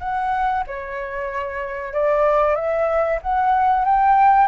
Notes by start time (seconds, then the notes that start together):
0.00 F#5
0.67 C#5
1.93 D5
2.55 E5
3.22 F#5
3.85 G5